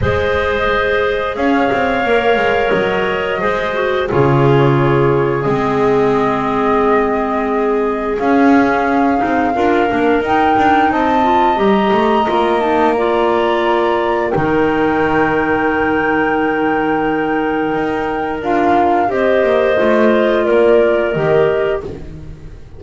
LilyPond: <<
  \new Staff \with { instrumentName = "flute" } { \time 4/4 \tempo 4 = 88 dis''2 f''2 | dis''2 cis''2 | dis''1 | f''2. g''4 |
a''4 ais''4. a''8 ais''4~ | ais''4 g''2.~ | g''2. f''4 | dis''2 d''4 dis''4 | }
  \new Staff \with { instrumentName = "clarinet" } { \time 4/4 c''2 cis''2~ | cis''4 c''4 gis'2~ | gis'1~ | gis'2 ais'2 |
dis''2. d''4~ | d''4 ais'2.~ | ais'1 | c''2 ais'2 | }
  \new Staff \with { instrumentName = "clarinet" } { \time 4/4 gis'2. ais'4~ | ais'4 gis'8 fis'8 f'2 | c'1 | cis'4. dis'8 f'8 d'8 dis'4~ |
dis'8 f'8 g'4 f'8 dis'8 f'4~ | f'4 dis'2.~ | dis'2. f'4 | g'4 f'2 g'4 | }
  \new Staff \with { instrumentName = "double bass" } { \time 4/4 gis2 cis'8 c'8 ais8 gis8 | fis4 gis4 cis2 | gis1 | cis'4. c'8 d'8 ais8 dis'8 d'8 |
c'4 g8 a8 ais2~ | ais4 dis2.~ | dis2 dis'4 d'4 | c'8 ais8 a4 ais4 dis4 | }
>>